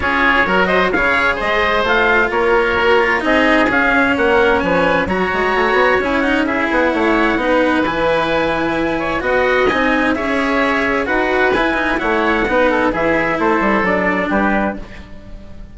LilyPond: <<
  \new Staff \with { instrumentName = "trumpet" } { \time 4/4 \tempo 4 = 130 cis''4. dis''8 f''4 dis''4 | f''4 cis''2 dis''4 | f''4 fis''4 gis''4 ais''4~ | ais''4 gis''8 fis''8 e''8 fis''4.~ |
fis''4 gis''2. | fis''4 gis''4 e''2 | fis''4 gis''4 fis''2 | e''4 c''4 d''4 b'4 | }
  \new Staff \with { instrumentName = "oboe" } { \time 4/4 gis'4 ais'8 c''8 cis''4 c''4~ | c''4 ais'2 gis'4~ | gis'4 ais'4 b'4 cis''4~ | cis''2 gis'4 cis''4 |
b'2.~ b'8 cis''8 | dis''2 cis''2 | b'2 cis''4 b'8 a'8 | gis'4 a'2 g'4 | }
  \new Staff \with { instrumentName = "cello" } { \time 4/4 f'4 fis'4 gis'2 | f'2 fis'8 f'8 dis'4 | cis'2. fis'4~ | fis'4 e'8 dis'8 e'2 |
dis'4 e'2. | fis'4 dis'4 gis'2 | fis'4 e'8 dis'8 e'4 dis'4 | e'2 d'2 | }
  \new Staff \with { instrumentName = "bassoon" } { \time 4/4 cis'4 fis4 cis4 gis4 | a4 ais2 c'4 | cis'4 ais4 f4 fis8 gis8 | a8 b8 cis'4. b8 a4 |
b4 e2. | b4 c'4 cis'2 | dis'4 e'4 a4 b4 | e4 a8 g8 fis4 g4 | }
>>